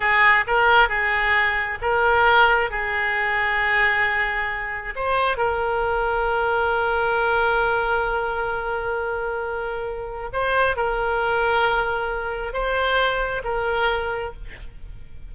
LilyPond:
\new Staff \with { instrumentName = "oboe" } { \time 4/4 \tempo 4 = 134 gis'4 ais'4 gis'2 | ais'2 gis'2~ | gis'2. c''4 | ais'1~ |
ais'1~ | ais'2. c''4 | ais'1 | c''2 ais'2 | }